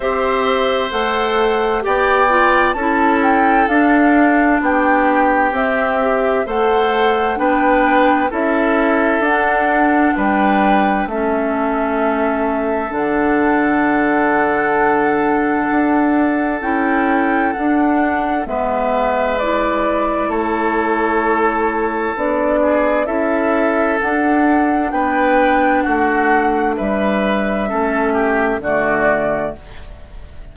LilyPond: <<
  \new Staff \with { instrumentName = "flute" } { \time 4/4 \tempo 4 = 65 e''4 fis''4 g''4 a''8 g''8 | f''4 g''4 e''4 fis''4 | g''4 e''4 fis''4 g''4 | e''2 fis''2~ |
fis''2 g''4 fis''4 | e''4 d''4 cis''2 | d''4 e''4 fis''4 g''4 | fis''4 e''2 d''4 | }
  \new Staff \with { instrumentName = "oboe" } { \time 4/4 c''2 d''4 a'4~ | a'4 g'2 c''4 | b'4 a'2 b'4 | a'1~ |
a'1 | b'2 a'2~ | a'8 gis'8 a'2 b'4 | fis'4 b'4 a'8 g'8 fis'4 | }
  \new Staff \with { instrumentName = "clarinet" } { \time 4/4 g'4 a'4 g'8 f'8 e'4 | d'2 c'8 g'8 a'4 | d'4 e'4 d'2 | cis'2 d'2~ |
d'2 e'4 d'4 | b4 e'2. | d'4 e'4 d'2~ | d'2 cis'4 a4 | }
  \new Staff \with { instrumentName = "bassoon" } { \time 4/4 c'4 a4 b4 cis'4 | d'4 b4 c'4 a4 | b4 cis'4 d'4 g4 | a2 d2~ |
d4 d'4 cis'4 d'4 | gis2 a2 | b4 cis'4 d'4 b4 | a4 g4 a4 d4 | }
>>